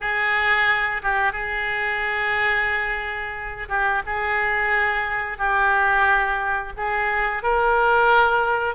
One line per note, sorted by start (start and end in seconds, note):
0.00 1.01 G#4
1.02 1.32 G4
1.32 3.68 G#4
3.68 4.02 G4
4.06 5.37 G#4
5.37 6.72 G4
6.76 7.42 G#4
7.42 8.75 A#4